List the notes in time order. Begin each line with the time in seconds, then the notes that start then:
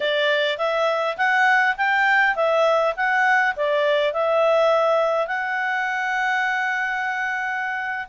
0.00 D5
0.57 E5
1.17 F#5
1.76 G5
2.35 E5
2.96 F#5
3.56 D5
4.13 E5
5.27 F#5